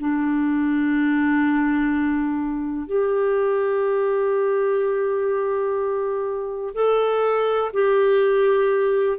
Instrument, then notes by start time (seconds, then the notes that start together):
clarinet
0.00 D4
2.87 G4
6.75 A4
7.73 G4